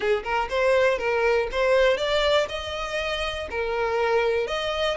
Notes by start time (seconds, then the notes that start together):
0.00 G#4
0.23 A#4
0.49 C5
0.98 A#4
1.51 C5
1.97 D5
2.48 D#5
3.50 A#4
4.47 D#5